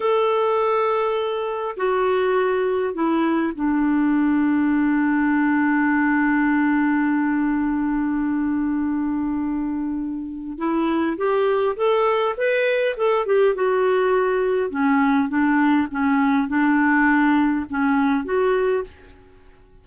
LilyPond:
\new Staff \with { instrumentName = "clarinet" } { \time 4/4 \tempo 4 = 102 a'2. fis'4~ | fis'4 e'4 d'2~ | d'1~ | d'1~ |
d'2 e'4 g'4 | a'4 b'4 a'8 g'8 fis'4~ | fis'4 cis'4 d'4 cis'4 | d'2 cis'4 fis'4 | }